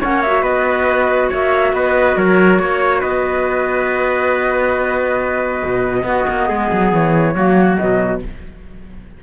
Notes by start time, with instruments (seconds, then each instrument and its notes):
0.00 cello A#3, clarinet C#4, trumpet C#5, flute F#5
0.22 clarinet F#4, flute E5
0.43 cello B3, trumpet B4, flute D#5
1.29 cello A#3, trumpet C#5, flute E5
1.73 cello B3, trumpet B4, flute D#5
2.17 cello F#3, trumpet A#4, flute C#5
2.59 cello A#3, trumpet C#5
3.00 cello B3, trumpet B4, flute D#5
5.65 cello B2
6.03 cello B3, clarinet B3, trumpet F#4
6.30 cello A#3
6.48 cello G#3, trumpet G#4
6.72 cello F#3
6.93 cello E3, flute C#5
7.35 cello F#3, clarinet A#3, trumpet F#4
7.77 cello B2, clarinet F#3, flute D#5